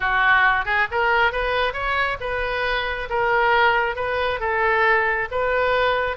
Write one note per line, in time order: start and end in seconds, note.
0.00 0.65 F#4
0.65 0.87 G#4
0.91 1.32 A#4
1.32 1.73 B4
1.73 2.17 C#5
2.20 3.08 B4
3.09 3.95 A#4
3.95 4.39 B4
4.40 5.28 A4
5.31 6.16 B4